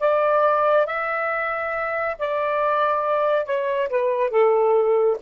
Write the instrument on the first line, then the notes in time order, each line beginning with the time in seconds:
saxophone
0.00 D5
0.86 E5
2.18 D5
3.45 C#5
3.89 B4
4.30 A4